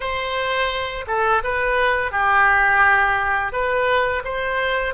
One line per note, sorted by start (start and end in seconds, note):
0.00 1.05 C5
1.07 1.42 A4
1.43 2.11 B4
2.11 3.52 G4
3.52 4.23 B4
4.24 4.93 C5